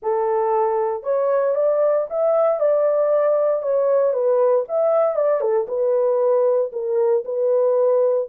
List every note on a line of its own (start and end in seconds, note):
0.02 1.03 A4
1.03 1.55 C#5
1.55 2.07 D5
2.09 2.60 E5
2.60 3.62 D5
3.62 4.13 C#5
4.13 4.65 B4
4.68 5.16 E5
5.16 5.40 D5
5.40 5.66 A4
5.68 6.71 B4
6.72 7.24 A#4
7.25 8.28 B4